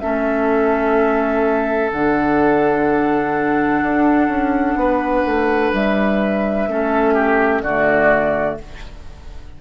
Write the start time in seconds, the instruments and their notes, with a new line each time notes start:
0.00 bassoon A3, clarinet C#4, oboe A4, flute E5
1.92 bassoon D3, clarinet D4, flute F#5
3.83 bassoon D4
4.28 bassoon C#4
4.75 bassoon B3, oboe B4
5.26 bassoon A3
5.73 bassoon G3, flute E5
6.68 bassoon A3, clarinet C#4, oboe A4
7.14 oboe G4
7.62 bassoon D3, clarinet A3, oboe F#4, flute D5